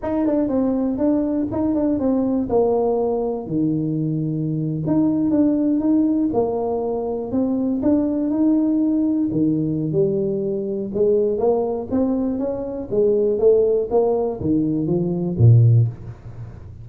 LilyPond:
\new Staff \with { instrumentName = "tuba" } { \time 4/4 \tempo 4 = 121 dis'8 d'8 c'4 d'4 dis'8 d'8 | c'4 ais2 dis4~ | dis4.~ dis16 dis'4 d'4 dis'16~ | dis'8. ais2 c'4 d'16~ |
d'8. dis'2 dis4~ dis16 | g2 gis4 ais4 | c'4 cis'4 gis4 a4 | ais4 dis4 f4 ais,4 | }